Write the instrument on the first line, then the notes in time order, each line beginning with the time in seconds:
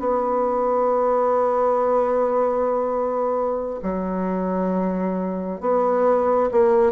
bassoon
0.00 B3
3.83 F#3
5.61 B3
6.52 A#3